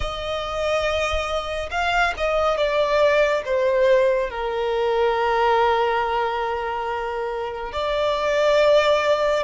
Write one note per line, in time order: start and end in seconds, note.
0.00 1.69 D#5
1.71 2.14 F5
2.17 2.57 D#5
2.57 3.42 D5
3.45 4.29 C5
4.29 7.72 A#4
7.72 9.43 D5